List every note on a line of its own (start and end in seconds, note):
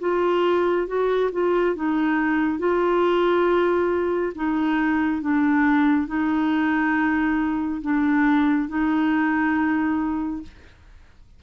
0.00 0.87 F4
0.87 1.30 F#4
1.32 1.75 F4
1.75 2.59 D#4
2.59 4.33 F4
4.35 5.21 D#4
5.21 6.07 D4
6.07 7.81 D#4
7.82 8.68 D4
8.68 10.42 D#4